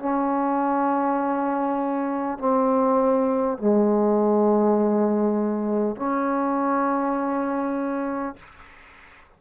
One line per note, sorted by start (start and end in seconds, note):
0.00 2.39 C#4
2.39 3.59 C4
3.59 5.97 G#3
5.97 8.37 C#4